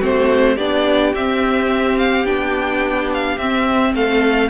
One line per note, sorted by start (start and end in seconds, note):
0.00 0.58 A3
0.00 0.57 C4
0.00 0.56 F#4
0.00 0.57 C5
0.56 1.14 B3
0.56 1.15 D4
0.56 3.92 G4
0.56 1.13 D5
1.15 2.25 C4
1.15 2.26 C4
1.15 1.99 E5
1.99 2.26 F5
2.25 3.37 B3
2.25 3.38 D4
2.25 3.10 G5
3.14 3.38 F5
3.38 3.94 C4
3.38 4.50 C4
3.38 3.94 E5
3.94 4.50 A3
3.94 4.50 A4
3.94 4.50 F5